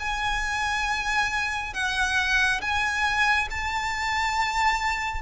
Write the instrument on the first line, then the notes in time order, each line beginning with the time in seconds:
violin
0.00 G#5
1.74 F#5
2.62 G#5
3.51 A5